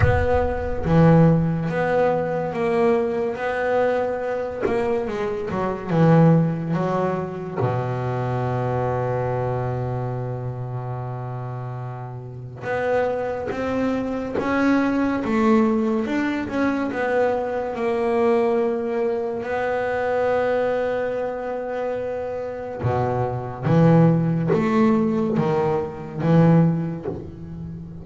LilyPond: \new Staff \with { instrumentName = "double bass" } { \time 4/4 \tempo 4 = 71 b4 e4 b4 ais4 | b4. ais8 gis8 fis8 e4 | fis4 b,2.~ | b,2. b4 |
c'4 cis'4 a4 d'8 cis'8 | b4 ais2 b4~ | b2. b,4 | e4 a4 dis4 e4 | }